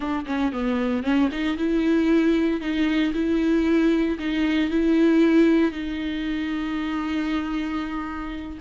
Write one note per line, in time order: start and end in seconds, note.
0.00 0.25 D4
0.26 0.52 C#4
0.52 1.03 B3
1.03 1.29 C#4
1.31 1.57 D#4
1.57 2.60 E4
2.60 3.13 D#4
3.13 4.17 E4
4.18 4.70 D#4
4.70 5.71 E4
5.71 8.58 D#4